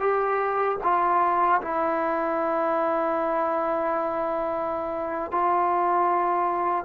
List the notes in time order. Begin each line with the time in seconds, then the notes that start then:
0.00 G4
0.83 F4
1.61 E4
5.31 F4